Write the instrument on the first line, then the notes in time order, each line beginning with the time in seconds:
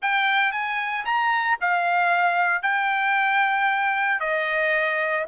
trumpet
0.01 G5
0.52 G#5
1.05 A#5
1.61 F5
2.62 G5
4.20 D#5